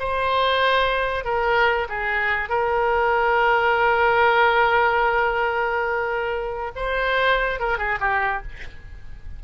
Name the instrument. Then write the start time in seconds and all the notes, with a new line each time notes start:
oboe
0.00 C5
1.25 A#4
1.89 G#4
2.50 A#4
6.76 C5
7.60 A#4
7.78 G#4
8.01 G4